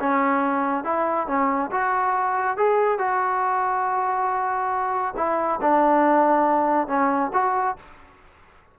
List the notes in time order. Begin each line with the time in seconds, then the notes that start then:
0.00 C#4
0.84 E4
1.27 C#4
1.71 F#4
2.58 G#4
2.99 F#4
5.17 E4
5.61 D4
6.88 C#4
7.33 F#4